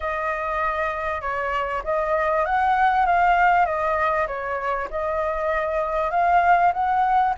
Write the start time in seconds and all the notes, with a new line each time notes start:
0.00 D#5
1.21 C#5
1.84 D#5
2.45 F#5
3.06 F5
3.65 D#5
4.27 C#5
4.90 D#5
6.11 F5
6.73 F#5